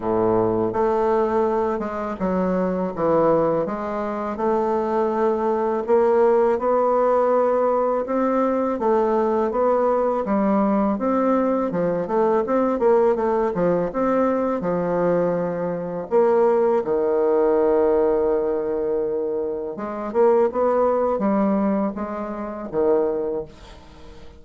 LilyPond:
\new Staff \with { instrumentName = "bassoon" } { \time 4/4 \tempo 4 = 82 a,4 a4. gis8 fis4 | e4 gis4 a2 | ais4 b2 c'4 | a4 b4 g4 c'4 |
f8 a8 c'8 ais8 a8 f8 c'4 | f2 ais4 dis4~ | dis2. gis8 ais8 | b4 g4 gis4 dis4 | }